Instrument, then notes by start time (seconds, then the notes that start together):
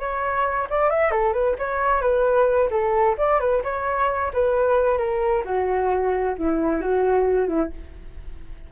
flute
0.00 C#5
0.70 D5
0.90 E5
1.11 A4
1.33 B4
1.59 C#5
2.02 B4
2.71 A4
3.18 D5
3.40 B4
3.64 C#5
4.34 B4
4.98 A#4
5.45 F#4
6.38 E4
6.81 F#4
7.48 E4